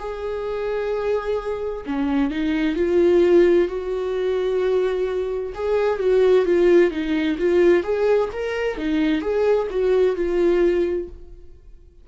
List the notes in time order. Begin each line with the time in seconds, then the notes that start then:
0.00 G#4
1.87 C#4
2.31 D#4
2.76 F4
3.69 F#4
5.55 G#4
6.00 F#4
6.46 F4
6.91 D#4
7.39 F4
7.84 G#4
8.33 A#4
8.78 D#4
9.22 G#4
9.70 F#4
10.16 F4